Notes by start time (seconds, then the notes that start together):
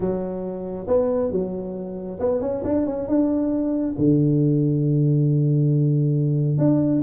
0.00 F#3
0.87 B3
1.31 F#3
2.19 B3
2.41 C#4
2.64 D4
2.86 C#4
3.08 D4
3.98 D3
6.58 D4